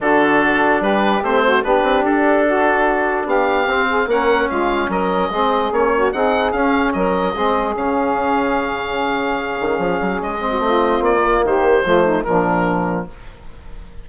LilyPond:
<<
  \new Staff \with { instrumentName = "oboe" } { \time 4/4 \tempo 4 = 147 a'2 b'4 c''4 | b'4 a'2. | f''2 fis''4 f''4 | dis''2 cis''4 fis''4 |
f''4 dis''2 f''4~ | f''1~ | f''4 dis''2 d''4 | c''2 ais'2 | }
  \new Staff \with { instrumentName = "saxophone" } { \time 4/4 fis'2 g'4. fis'8 | g'2 fis'2 | g'4. gis'8 ais'4 f'4 | ais'4 gis'4. fis'8 gis'4~ |
gis'4 ais'4 gis'2~ | gis'1~ | gis'4.~ gis'16 fis'16 f'2 | g'4 f'8 dis'8 d'2 | }
  \new Staff \with { instrumentName = "trombone" } { \time 4/4 d'2. c'4 | d'1~ | d'4 c'4 cis'2~ | cis'4 c'4 cis'4 dis'4 |
cis'2 c'4 cis'4~ | cis'1~ | cis'4. c'2 ais8~ | ais4 a4 f2 | }
  \new Staff \with { instrumentName = "bassoon" } { \time 4/4 d2 g4 a4 | b8 c'8 d'2. | b4 c'4 ais4 gis4 | fis4 gis4 ais4 c'4 |
cis'4 fis4 gis4 cis4~ | cis2.~ cis8 dis8 | f8 fis8 gis4 a4 ais4 | dis4 f4 ais,2 | }
>>